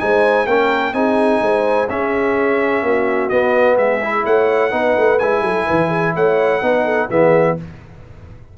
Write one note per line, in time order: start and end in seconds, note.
0.00 0.46 G#3
0.00 0.47 D#4
0.00 0.47 C5
0.00 0.47 G#5
0.46 0.93 A#3
0.46 0.94 C#4
0.46 0.95 A#4
0.46 0.94 G5
0.93 1.41 C4
0.93 1.88 D#4
0.93 1.42 G#4
0.93 1.88 G#5
1.42 1.89 G#3
1.42 1.90 C5
1.90 2.83 C#4
1.90 3.31 C#4
1.90 2.85 G#4
1.90 3.30 E5
2.83 3.30 A#3
2.83 3.76 F#4
3.30 4.02 B3
3.30 3.77 B3
3.30 3.77 D#5
3.76 4.24 G#3
3.76 4.24 G#4
3.76 4.25 E5
4.03 4.71 E4
4.25 4.73 A3
4.25 4.71 C#5
4.25 5.19 F#5
4.71 4.97 B3
4.71 5.19 D#4
4.71 5.42 B4
4.98 5.21 A3
5.19 5.41 G#3
5.19 6.62 E4
5.19 6.14 G#5
5.41 5.65 F#3
5.41 5.67 A4
5.67 6.16 E3
5.67 5.89 B4
5.89 6.13 G#4
6.16 6.62 A3
6.16 6.63 C#5
6.16 7.11 F#5
6.62 7.10 B3
6.62 7.10 D#4
6.62 6.85 B4
6.85 7.09 A4
7.10 7.58 E3
7.10 7.58 B3
7.10 7.57 G#4
7.10 7.58 E5